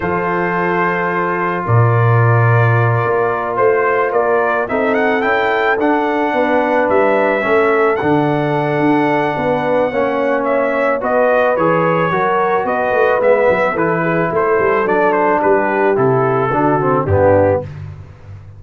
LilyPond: <<
  \new Staff \with { instrumentName = "trumpet" } { \time 4/4 \tempo 4 = 109 c''2. d''4~ | d''2~ d''8 c''4 d''8~ | d''8 e''8 fis''8 g''4 fis''4.~ | fis''8 e''2 fis''4.~ |
fis''2. e''4 | dis''4 cis''2 dis''4 | e''4 b'4 c''4 d''8 c''8 | b'4 a'2 g'4 | }
  \new Staff \with { instrumentName = "horn" } { \time 4/4 a'2. ais'4~ | ais'2~ ais'8 c''4 ais'8~ | ais'8 a'2. b'8~ | b'4. a'2~ a'8~ |
a'4 b'4 cis''2 | b'2 ais'4 b'4~ | b'4 a'8 gis'8 a'2 | g'2 fis'4 d'4 | }
  \new Staff \with { instrumentName = "trombone" } { \time 4/4 f'1~ | f'1~ | f'8 dis'4 e'4 d'4.~ | d'4. cis'4 d'4.~ |
d'2 cis'2 | fis'4 gis'4 fis'2 | b4 e'2 d'4~ | d'4 e'4 d'8 c'8 b4 | }
  \new Staff \with { instrumentName = "tuba" } { \time 4/4 f2. ais,4~ | ais,4. ais4 a4 ais8~ | ais8 c'4 cis'4 d'4 b8~ | b8 g4 a4 d4. |
d'4 b4 ais2 | b4 e4 fis4 b8 a8 | gis8 fis8 e4 a8 g8 fis4 | g4 c4 d4 g,4 | }
>>